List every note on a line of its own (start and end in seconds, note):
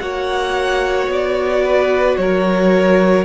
0.00 1.08 A#3
0.00 3.25 F#4
0.00 1.64 C#5
0.00 1.09 F#5
1.08 2.17 B3
1.08 2.17 D5
1.64 2.18 B4
2.17 3.25 F#3
2.17 3.25 A#4
2.17 3.25 C#5